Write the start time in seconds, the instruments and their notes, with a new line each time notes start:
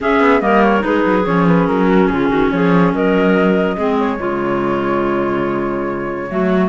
0.00 clarinet C#4 G#4, cello C#4, flute E5
0.20 cello B3
0.40 cello G3, clarinet A#3 A#4, flute D#5
0.62 flute C#5
0.80 cello G#3, clarinet D#4 G#4, flute B4
1.04 cello F#3
1.25 cello F3, clarinet C#4, flute C#5
1.47 flute B4
1.67 cello F#3, flute A#4
1.88 clarinet F#4
2.06 cello C#3, clarinet F4, flute G#4
2.29 cello D#3, clarinet F#4
2.50 cello F3, clarinet G#4, flute C#5
2.92 cello F#3, clarinet A#4, flute D#5
3.76 cello G#3, clarinet C4 G#4
3.98 flute C#5
4.17 cello C#3, clarinet G#3 F4
6.29 cello F#3, clarinet A3 F#4